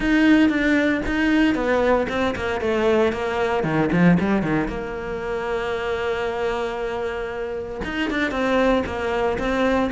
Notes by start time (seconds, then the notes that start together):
0.00 D#4
0.49 D4
1.06 D#4
1.54 B3
2.08 C4
2.35 A#3
2.60 A3
3.12 A#3
3.63 D#3
3.91 F3
4.19 G3
4.42 D#3
4.68 A#3
7.84 D#4
8.10 D4
8.31 C4
8.86 A#3
9.38 C4